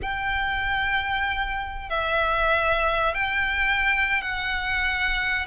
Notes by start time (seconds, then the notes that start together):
0.02 G5
1.89 E5
3.14 G5
4.21 F#5